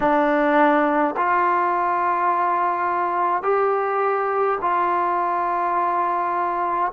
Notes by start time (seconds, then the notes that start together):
0.00 D4
1.16 F4
3.42 G4
4.61 F4